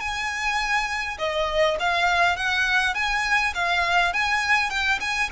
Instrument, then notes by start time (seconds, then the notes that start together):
violin
0.00 G#5
1.19 D#5
1.80 F5
2.36 F#5
2.95 G#5
3.55 F5
4.13 G#5
4.70 G5
5.01 G#5